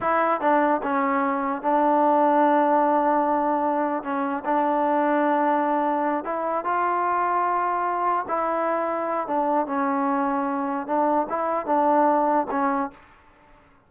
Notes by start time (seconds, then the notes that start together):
0.00 E4
0.40 D4
0.82 C#4
1.62 D4
4.03 C#4
4.44 D4
6.24 E4
6.64 F4
8.28 E4
9.27 D4
9.66 C#4
10.86 D4
11.29 E4
11.66 D4
12.50 C#4